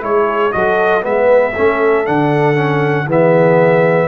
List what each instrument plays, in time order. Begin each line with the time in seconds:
0.00 tuba G#3, trombone E4, horn G#4, trumpet C#5
0.52 tuba F#3, trombone F#4, horn A4, trumpet D#5
1.01 tuba G#3, trombone B3, horn B4, trumpet E5
1.53 trombone C#4, horn A4
1.59 tuba A3
2.06 tuba D3, trombone D4, trumpet F#5
2.54 trombone C#4
3.06 tuba E3, trombone B3, horn G#4, trumpet E5